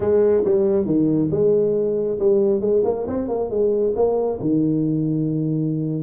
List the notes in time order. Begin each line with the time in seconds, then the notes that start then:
0.00 G#3
0.44 G3
0.85 D#3
1.31 G#3
2.19 G3
2.60 G#3
2.84 A#3
3.07 C4
3.28 A#3
3.49 G#3
3.95 A#3
4.40 D#3